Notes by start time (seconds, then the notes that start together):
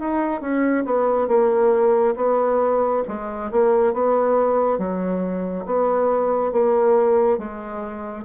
0.00 D#4
0.42 C#4
0.86 B3
1.28 A#3
2.17 B3
3.08 G#3
3.52 A#3
3.94 B3
4.79 F#3
5.66 B3
6.53 A#3
7.39 G#3